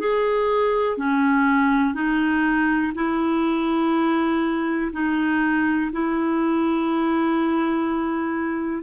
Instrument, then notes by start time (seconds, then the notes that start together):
clarinet
0.00 G#4
0.97 C#4
1.94 D#4
2.95 E4
4.93 D#4
5.92 E4